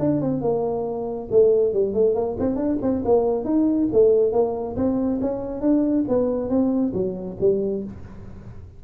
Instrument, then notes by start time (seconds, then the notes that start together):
tuba
0.00 D4
0.22 C4
0.42 A#3
1.31 A3
1.74 G3
1.94 A3
2.15 A#3
2.40 C4
2.56 D4
2.82 C4
3.05 A#3
3.45 D#4
3.93 A3
4.33 A#3
4.77 C4
5.21 C#4
5.62 D4
6.09 B3
6.50 C4
6.94 F#3
7.41 G3